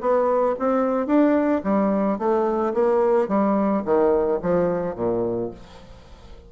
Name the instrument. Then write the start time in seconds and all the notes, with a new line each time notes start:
bassoon
0.00 B3
0.59 C4
1.06 D4
1.63 G3
2.18 A3
2.73 A#3
3.28 G3
3.84 D#3
4.42 F3
4.95 A#2